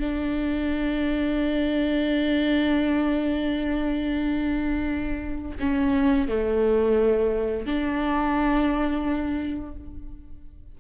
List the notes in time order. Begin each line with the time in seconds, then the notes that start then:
0.00 D4
5.60 C#4
6.29 A3
7.66 D4